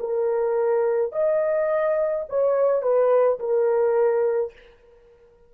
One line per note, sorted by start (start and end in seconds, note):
0.00 1.13 A#4
1.13 2.26 D#5
2.30 2.83 C#5
2.83 3.39 B4
3.40 4.53 A#4